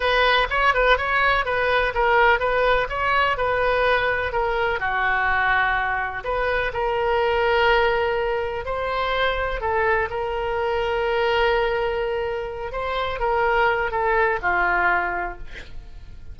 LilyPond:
\new Staff \with { instrumentName = "oboe" } { \time 4/4 \tempo 4 = 125 b'4 cis''8 b'8 cis''4 b'4 | ais'4 b'4 cis''4 b'4~ | b'4 ais'4 fis'2~ | fis'4 b'4 ais'2~ |
ais'2 c''2 | a'4 ais'2.~ | ais'2~ ais'8 c''4 ais'8~ | ais'4 a'4 f'2 | }